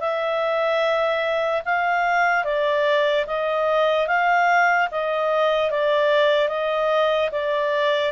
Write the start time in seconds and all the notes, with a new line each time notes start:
0.00 E5
1.65 F5
2.44 D5
3.27 D#5
4.07 F5
4.91 D#5
5.71 D5
6.48 D#5
7.32 D5